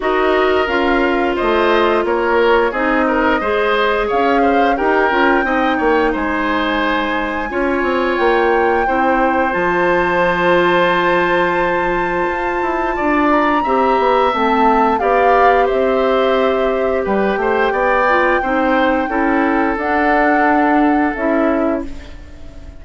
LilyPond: <<
  \new Staff \with { instrumentName = "flute" } { \time 4/4 \tempo 4 = 88 dis''4 f''4 dis''4 cis''4 | dis''2 f''4 g''4~ | g''4 gis''2. | g''2 a''2~ |
a''2.~ a''8 ais''8~ | ais''4 a''4 f''4 e''4~ | e''4 g''2.~ | g''4 fis''2 e''4 | }
  \new Staff \with { instrumentName = "oboe" } { \time 4/4 ais'2 c''4 ais'4 | gis'8 ais'8 c''4 cis''8 c''8 ais'4 | dis''8 cis''8 c''2 cis''4~ | cis''4 c''2.~ |
c''2. d''4 | e''2 d''4 c''4~ | c''4 b'8 c''8 d''4 c''4 | a'1 | }
  \new Staff \with { instrumentName = "clarinet" } { \time 4/4 fis'4 f'2. | dis'4 gis'2 g'8 f'8 | dis'2. f'4~ | f'4 e'4 f'2~ |
f'1 | g'4 c'4 g'2~ | g'2~ g'8 f'8 dis'4 | e'4 d'2 e'4 | }
  \new Staff \with { instrumentName = "bassoon" } { \time 4/4 dis'4 cis'4 a4 ais4 | c'4 gis4 cis'4 dis'8 cis'8 | c'8 ais8 gis2 cis'8 c'8 | ais4 c'4 f2~ |
f2 f'8 e'8 d'4 | c'8 b8 a4 b4 c'4~ | c'4 g8 a8 b4 c'4 | cis'4 d'2 cis'4 | }
>>